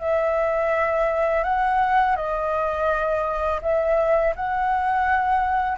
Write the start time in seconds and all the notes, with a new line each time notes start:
0.00 E5
1.44 F#5
2.16 D#5
3.62 E5
4.36 F#5